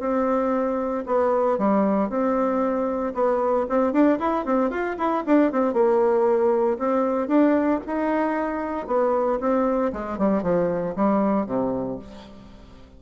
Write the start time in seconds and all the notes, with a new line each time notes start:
0.00 C4
1.07 B3
1.58 G3
2.09 C4
3.14 B3
3.69 C4
3.93 D4
4.19 E4
4.45 C4
4.71 F4
4.98 E4
5.26 D4
5.52 C4
5.74 A#3
6.79 C4
7.28 D4
7.87 D#4
8.87 B3
9.40 C4
9.93 G#3
10.19 G3
10.43 F3
10.96 G3
11.47 C3